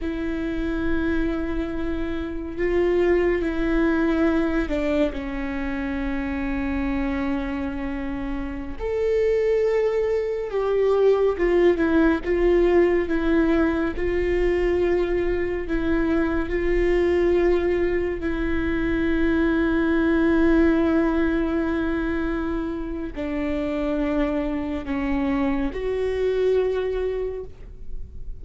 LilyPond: \new Staff \with { instrumentName = "viola" } { \time 4/4 \tempo 4 = 70 e'2. f'4 | e'4. d'8 cis'2~ | cis'2~ cis'16 a'4.~ a'16~ | a'16 g'4 f'8 e'8 f'4 e'8.~ |
e'16 f'2 e'4 f'8.~ | f'4~ f'16 e'2~ e'8.~ | e'2. d'4~ | d'4 cis'4 fis'2 | }